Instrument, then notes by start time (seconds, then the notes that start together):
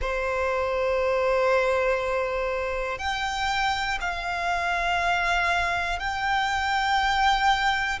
violin
0.01 C5
2.98 G5
4.00 F5
5.99 G5